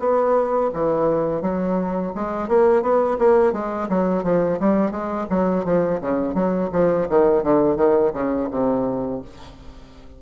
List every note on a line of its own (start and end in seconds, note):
0.00 0.71 B3
0.74 1.42 E3
1.42 2.12 F#3
2.15 2.49 G#3
2.49 2.82 A#3
2.82 3.18 B3
3.19 3.53 A#3
3.53 3.89 G#3
3.89 4.24 F#3
4.24 4.59 F3
4.60 4.92 G3
4.92 5.27 G#3
5.30 5.65 F#3
5.65 6.00 F3
6.01 6.35 C#3
6.35 6.70 F#3
6.73 7.08 F3
7.09 7.43 D#3
7.43 7.77 D3
7.77 8.12 D#3
8.13 8.49 C#3
8.51 9.22 C3